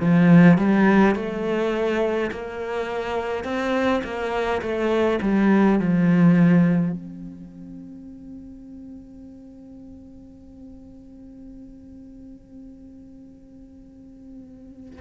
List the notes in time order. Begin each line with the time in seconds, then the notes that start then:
0.00 F3
0.58 G3
1.15 A3
2.31 A#3
3.44 C4
4.04 A#3
4.62 A3
5.22 G3
5.80 F3
6.92 C4